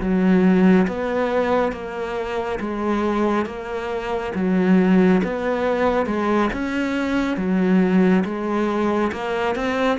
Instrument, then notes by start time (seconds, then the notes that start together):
cello
0.00 F#3
0.87 B3
1.72 A#3
2.60 G#3
3.45 A#3
4.35 F#3
5.23 B3
6.06 G#3
6.53 C#4
7.37 F#3
8.25 G#3
9.12 A#3
9.55 C4